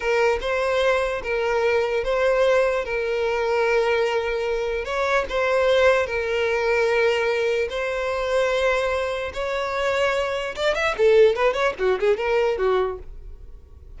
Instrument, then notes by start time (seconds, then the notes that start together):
violin
0.00 A#4
0.41 C5
1.23 A#4
2.03 C5
2.84 A#4
4.84 C#5
5.29 C5
6.06 A#4
7.69 C5
9.33 C#5
10.55 D5
10.74 E5
10.97 A4
11.35 B4
11.53 C#5
11.79 F#4
11.99 G#4
12.17 A#4
12.57 F#4